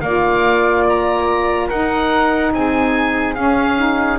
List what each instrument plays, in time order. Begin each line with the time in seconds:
0.00 double bass A#3, saxophone F4, flute D5, oboe F5
0.89 oboe A#5
1.67 double bass D#4, saxophone D#4, flute A#4, oboe F#5
2.53 double bass C4, flute G#4, oboe G#5
3.34 double bass C#4, saxophone C#4, oboe F5
3.77 saxophone D#4